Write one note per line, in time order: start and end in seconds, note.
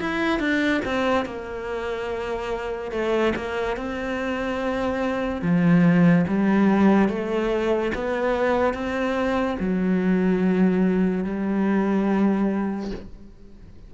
0.00 0.39 E4
0.39 0.81 D4
0.85 1.25 C4
1.25 2.92 A#3
2.92 3.33 A3
3.36 3.77 A#3
3.77 5.42 C4
5.42 6.25 F3
6.28 7.09 G3
7.09 7.92 A3
7.95 8.73 B3
8.73 9.57 C4
9.59 11.24 F#3
11.24 12.91 G3